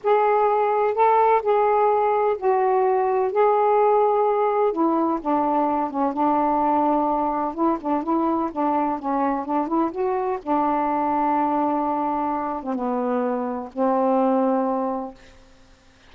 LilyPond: \new Staff \with { instrumentName = "saxophone" } { \time 4/4 \tempo 4 = 127 gis'2 a'4 gis'4~ | gis'4 fis'2 gis'4~ | gis'2 e'4 d'4~ | d'8 cis'8 d'2. |
e'8 d'8 e'4 d'4 cis'4 | d'8 e'8 fis'4 d'2~ | d'2~ d'8. c'16 b4~ | b4 c'2. | }